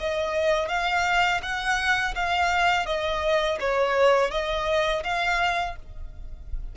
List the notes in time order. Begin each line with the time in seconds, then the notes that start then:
0.00 D#5
0.69 F5
1.43 F#5
2.16 F5
2.87 D#5
3.60 C#5
4.31 D#5
5.04 F5